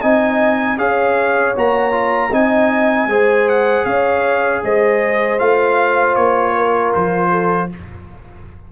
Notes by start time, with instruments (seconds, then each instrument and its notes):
0.00 tuba C4, trombone D#4, horn D#5, trumpet G#5
0.76 tuba C#4, trombone G#4, horn C#5, trumpet F5
1.55 tuba A#3, trombone F#4, trumpet A#5
1.91 trombone F4
2.30 tuba C4, trombone D#4, horn D#5, trumpet G#5
3.06 tuba G#3, trombone G#4, horn C5
3.49 trumpet F#5
3.85 tuba C#4, horn C#5, trumpet F5
4.63 tuba G#3, horn C5, trumpet D#5
5.38 tuba A3, trombone F4, trumpet F5
6.15 tuba A#3, trumpet C#5
6.56 horn A#4
6.94 tuba F3, trumpet C5
7.30 horn A4